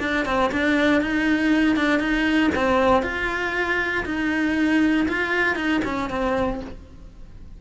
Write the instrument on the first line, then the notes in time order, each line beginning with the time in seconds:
cello
0.00 D4
0.26 C4
0.52 D4
1.01 D#4
1.76 D4
1.99 D#4
2.55 C4
3.03 F4
4.05 D#4
5.08 F4
5.56 D#4
5.85 C#4
6.10 C4